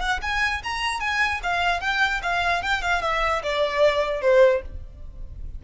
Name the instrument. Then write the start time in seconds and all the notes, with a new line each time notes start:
violin
0.00 F#5
0.22 G#5
0.64 A#5
1.00 G#5
1.43 F5
1.81 G5
2.22 F5
2.63 G5
2.82 F5
3.02 E5
3.43 D5
4.22 C5